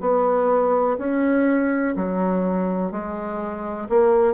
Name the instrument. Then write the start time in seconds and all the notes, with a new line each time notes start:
bassoon
0.00 B3
0.98 C#4
1.95 F#3
2.91 G#3
3.89 A#3